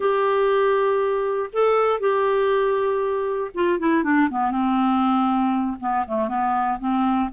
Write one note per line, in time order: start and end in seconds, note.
0.00 1.50 G4
1.52 2.00 A4
2.00 3.51 G4
3.54 3.79 F4
3.79 4.03 E4
4.03 4.29 D4
4.30 4.51 B3
4.51 5.77 C4
5.80 6.05 B3
6.07 6.28 A3
6.28 6.78 B3
6.79 7.29 C4